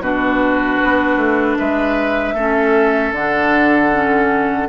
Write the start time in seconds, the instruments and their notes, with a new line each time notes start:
0.00 bassoon B2, clarinet D4, oboe F#4, flute B4
0.83 bassoon B3
1.16 bassoon A3
1.58 bassoon G#3, oboe B4, flute E5
2.33 bassoon A3, clarinet C#4, oboe A4
3.12 bassoon D3, clarinet D4, flute F#5
3.92 clarinet C#4